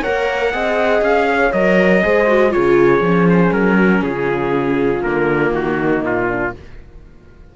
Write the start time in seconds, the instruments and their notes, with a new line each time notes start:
0.00 viola A#4, horn C#5, trumpet F#5
0.06 cello A#3
0.52 cello C4, viola G#4, horn D#5
1.01 cello C#4, trumpet F5
1.30 horn C#5
1.53 cello F#3, viola A#4, trumpet D#5
2.02 cello G#3, viola G#4, horn C5
2.27 viola F#4
2.50 cello C#3, viola F4, horn G#4, trumpet C#5
3.01 cello F3, viola C#4
3.29 trumpet C5
3.52 cello F#3, trumpet A#4
3.76 horn F#4
4.02 cello C#3, horn F4, trumpet G#4
5.03 cello D3, viola A#3, trumpet A#4
5.51 cello D#3, trumpet F#4
5.79 horn D#4
6.03 cello A#2, trumpet F4
6.28 horn D4